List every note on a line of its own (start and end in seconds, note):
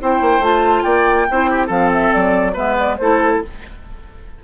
0.00 0.21 C4
0.00 0.42 E4
0.00 0.83 C5
0.00 0.44 G5
0.21 0.39 A#3
0.39 0.82 A3
0.39 1.27 F4
0.39 0.83 A5
0.83 1.28 A#3
0.83 1.26 D5
0.83 1.68 G5
1.30 1.69 C4
1.30 1.69 E4
1.30 1.50 C5
1.50 1.67 G4
1.67 2.11 F3
1.67 2.54 C4
1.67 2.52 A4
1.67 1.91 F5
1.93 2.13 E5
2.13 2.57 F#3
2.13 2.56 D5
2.53 2.99 G#3
2.53 2.98 B3
2.53 2.96 B4
2.53 2.78 E5
2.79 2.96 D5
2.96 3.42 A3
2.96 3.43 E4
2.96 3.44 A4
2.96 3.39 C5